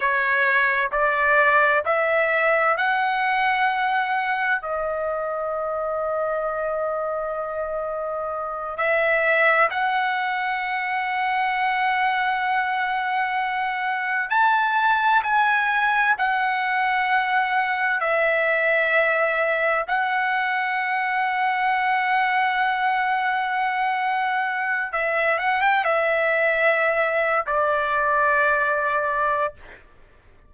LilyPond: \new Staff \with { instrumentName = "trumpet" } { \time 4/4 \tempo 4 = 65 cis''4 d''4 e''4 fis''4~ | fis''4 dis''2.~ | dis''4. e''4 fis''4.~ | fis''2.~ fis''8 a''8~ |
a''8 gis''4 fis''2 e''8~ | e''4. fis''2~ fis''8~ | fis''2. e''8 fis''16 g''16 | e''4.~ e''16 d''2~ d''16 | }